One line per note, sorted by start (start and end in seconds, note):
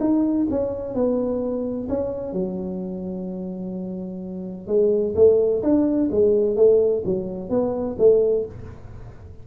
0.00 0.47 D#4
0.50 0.94 C#4
0.94 1.88 B3
1.88 2.32 C#4
2.32 4.67 F#3
4.67 5.14 G#3
5.15 5.62 A3
5.62 6.09 D4
6.11 6.56 G#3
6.56 7.03 A3
7.05 7.49 F#3
7.49 7.96 B3
7.98 8.45 A3